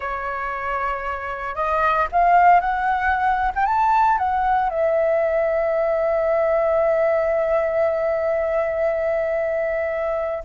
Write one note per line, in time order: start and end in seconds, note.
0.00 1.55 C#5
1.55 2.07 D#5
2.11 2.60 F5
2.60 3.51 F#5
3.55 3.65 G5
3.65 4.17 A5
4.17 4.69 F#5
4.69 10.43 E5